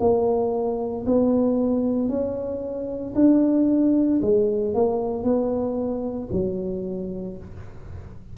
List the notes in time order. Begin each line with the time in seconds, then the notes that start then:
0.00 A#3
1.06 B3
2.09 C#4
3.15 D4
4.22 G#3
4.75 A#3
5.24 B3
6.33 F#3